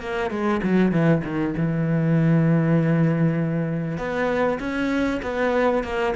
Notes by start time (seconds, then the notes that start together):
0.00 A#3
0.30 G#3
0.63 F#3
0.92 E3
1.24 D#3
1.58 E3
3.98 B3
4.60 C#4
5.22 B3
5.84 A#3